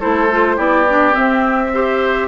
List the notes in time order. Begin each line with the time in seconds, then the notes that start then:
0.00 A3 E4 A4 C5
0.31 F4
0.57 B3 E4 G4 D5
0.89 D4
1.11 C4 E5
1.74 G4 C5